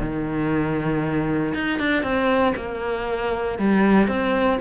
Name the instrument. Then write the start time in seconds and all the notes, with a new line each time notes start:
cello
0.00 D#3
1.54 D#4
1.79 D4
2.03 C4
2.56 A#3
3.59 G3
4.08 C4